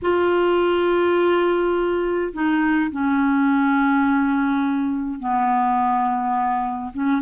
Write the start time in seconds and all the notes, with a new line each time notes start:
0.02 F4
2.33 D#4
2.91 C#4
5.19 B3
6.93 C#4